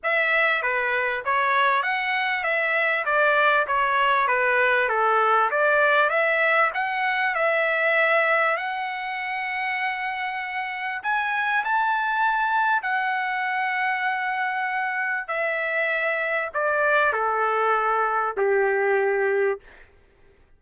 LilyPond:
\new Staff \with { instrumentName = "trumpet" } { \time 4/4 \tempo 4 = 98 e''4 b'4 cis''4 fis''4 | e''4 d''4 cis''4 b'4 | a'4 d''4 e''4 fis''4 | e''2 fis''2~ |
fis''2 gis''4 a''4~ | a''4 fis''2.~ | fis''4 e''2 d''4 | a'2 g'2 | }